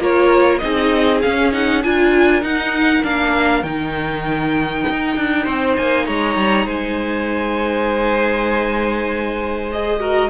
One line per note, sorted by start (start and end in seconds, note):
0.00 0.61 A#3
0.00 0.61 F4
0.00 0.61 A#4
0.00 0.59 C#5
0.59 1.24 C4
0.59 1.23 D#4
0.59 1.85 G#4
0.59 1.20 D#5
1.22 1.53 C#4
1.22 1.85 C#4
1.22 1.53 F5
1.53 1.83 D#4
1.53 1.83 F#5
1.83 2.43 D4
1.83 2.42 F4
1.83 5.44 A#4
1.83 2.44 G#5
2.42 3.03 D#4
2.42 3.04 D#4
2.42 3.05 F#5
3.03 3.63 A#3
3.03 3.64 D4
3.03 3.63 F5
3.63 4.84 D#3
3.63 9.72 D#4
3.63 5.76 G5
4.90 5.17 D#4
5.17 5.47 D4
5.44 5.78 C4
5.44 6.05 C5
5.77 6.08 A#3
5.77 6.06 G#5
6.06 6.37 G#3
6.06 6.66 C#5
6.06 6.67 A#5
6.37 6.66 G3
6.66 10.30 G#3
6.66 10.00 C5
6.66 9.71 G#5
9.72 10.01 G#4
9.72 10.30 D#5
10.00 10.30 F#4
10.00 10.30 A#4